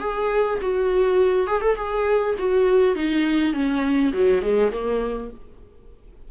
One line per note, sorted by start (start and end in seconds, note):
0.00 0.59 G#4
0.61 1.47 F#4
1.47 1.61 G#4
1.61 1.76 A4
1.76 2.35 G#4
2.39 2.95 F#4
2.95 3.53 D#4
3.53 4.12 C#4
4.13 4.42 F#3
4.42 4.71 G#3
4.72 5.30 A#3